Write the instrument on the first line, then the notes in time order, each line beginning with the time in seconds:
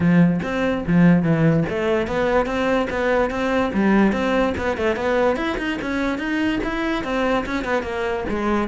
cello
0.00 F3
0.43 C4
0.87 F3
1.22 E3
1.69 A3
2.07 B3
2.45 C4
2.90 B3
3.30 C4
3.73 G3
4.12 C4
4.57 B3
4.77 A3
4.96 B3
5.36 E4
5.57 D#4
5.81 C#4
6.18 D#4
6.63 E4
7.03 C4
7.46 C#4
7.64 B3
7.82 A#3
8.29 G#3